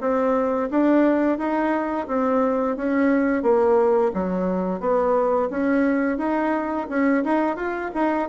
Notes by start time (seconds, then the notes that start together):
0.00 C4
0.70 D4
1.38 D#4
2.07 C4
2.76 C#4
3.42 A#3
4.13 F#3
4.80 B3
5.50 C#4
6.18 D#4
6.89 C#4
7.24 D#4
7.56 F4
7.93 D#4